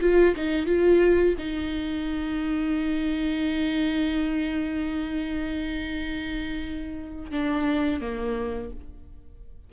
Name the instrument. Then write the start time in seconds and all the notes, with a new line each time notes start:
viola
0.00 F4
0.35 D#4
0.66 F4
1.38 D#4
7.31 D4
8.00 A#3